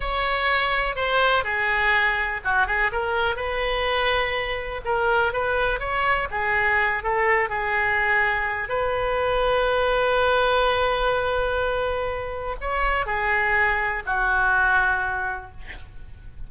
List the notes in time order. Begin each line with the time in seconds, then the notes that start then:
0.00 C#5
0.95 C5
1.44 G#4
2.44 F#4
2.67 G#4
2.92 A#4
3.36 B4
4.84 A#4
5.32 B4
5.79 C#5
6.30 G#4
7.03 A4
7.49 G#4
8.69 B4
12.60 C#5
13.06 G#4
14.06 F#4